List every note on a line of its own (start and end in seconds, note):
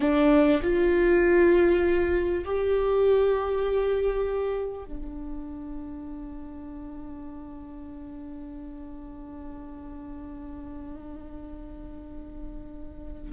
0.00 0.60 D4
0.62 2.44 F4
2.45 4.84 G4
4.84 13.32 D4